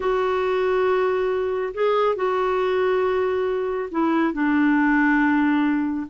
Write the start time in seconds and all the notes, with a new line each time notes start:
0.00 F#4
1.74 G#4
2.15 F#4
3.91 E4
4.33 D4